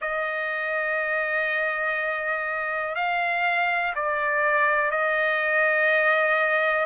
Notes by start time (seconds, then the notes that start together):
0.01 D#5
2.95 F5
3.95 D5
4.90 D#5